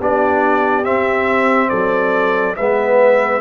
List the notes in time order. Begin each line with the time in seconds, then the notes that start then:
0.00 B3 D4 G4 D5
0.84 C4 E5
1.70 F#3 A4 D5
2.56 G#3 B3 B4 E5